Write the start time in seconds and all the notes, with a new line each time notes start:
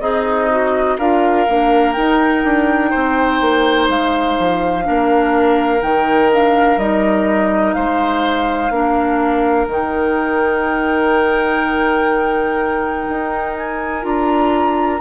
0.00 C4 D#4 G#4 D#5
0.50 F#4
0.98 D4 F4 A#4 F5
1.48 A#3 D4
1.92 D#4 G5
2.44 D4
2.90 C4 C5
3.41 A#3
3.89 G#3 F5
4.39 F3
4.82 A#3 D4 A#4
5.80 D#3 D#4 G5
6.31 D4 F5
6.77 G3 D#4 D#5
7.73 G#3 C5 F5
8.70 A#3 D4 A#4
9.67 D#3 D#4 G5
13.09 D#4
13.56 G#5
14.02 D4 F4 A#5